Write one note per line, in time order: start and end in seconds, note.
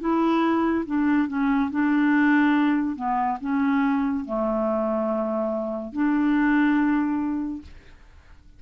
0.00 0.85 E4
0.86 1.28 D4
1.28 1.70 C#4
1.71 2.96 D4
2.96 3.38 B3
3.41 4.25 C#4
4.25 5.93 A3
5.93 7.62 D4